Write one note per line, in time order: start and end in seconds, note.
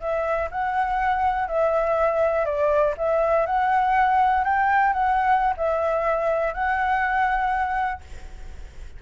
0.00 0.49 E5
0.51 1.48 F#5
1.48 2.45 E5
2.45 2.95 D5
2.98 3.46 E5
3.46 4.44 F#5
4.44 4.93 G5
4.93 5.54 F#5
5.57 6.54 E5
6.54 8.01 F#5